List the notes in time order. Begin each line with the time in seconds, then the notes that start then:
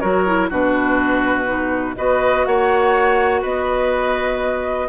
0.00 F#3 F#4 A#4 C#5
0.26 E4
0.50 B2 D4 F#4 B4
1.47 D#4
1.97 B3 F#4 B4 D#5
2.46 A#3 C#5 F#5
3.42 B3 B4 D#5